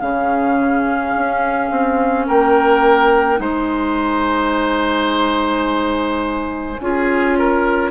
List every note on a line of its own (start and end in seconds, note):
0.00 1.15 C#3
0.00 3.36 C#4
0.00 2.26 G#4
0.00 2.27 F5
1.16 1.71 C#4
1.71 2.27 C4
2.26 3.39 A#3
2.26 3.40 A#4
2.26 3.41 G5
3.36 6.79 G#3
3.36 6.76 D#4
3.36 6.81 C5
3.36 7.91 G#5
6.80 7.91 C#4
6.80 7.91 F4
6.80 7.38 G#4
7.38 7.91 A#4